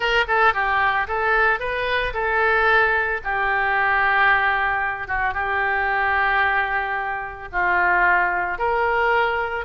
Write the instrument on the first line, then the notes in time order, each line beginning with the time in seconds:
oboe
0.00 A#4
0.27 A4
0.53 G4
1.07 A4
1.59 B4
2.13 A4
3.24 G4
5.07 F#4
5.34 G4
7.51 F4
8.58 A#4